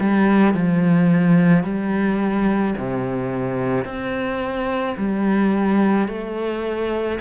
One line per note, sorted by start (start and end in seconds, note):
0.00 0.54 G3
0.54 1.63 F3
1.63 2.74 G3
2.78 3.84 C3
3.84 4.95 C4
4.97 6.08 G3
6.08 7.19 A3